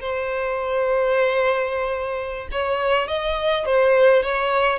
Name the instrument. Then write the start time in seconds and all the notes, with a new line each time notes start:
violin
0.00 C5
2.51 C#5
3.07 D#5
3.65 C5
4.23 C#5